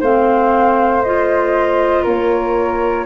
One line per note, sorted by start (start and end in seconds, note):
0.00 2.04 A3
0.00 1.04 C4
0.00 2.03 C5
0.00 1.03 F5
1.03 3.06 F4
1.03 2.05 D#5
2.03 3.06 A#3
2.03 3.05 A#4
2.03 3.06 C#5